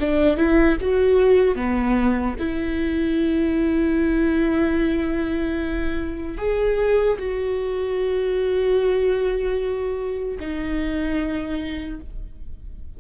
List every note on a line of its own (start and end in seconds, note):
0.00 0.37 D4
0.37 0.77 E4
0.81 1.56 F#4
1.56 2.36 B3
2.39 6.38 E4
6.38 7.18 G#4
7.19 10.39 F#4
10.40 12.00 D#4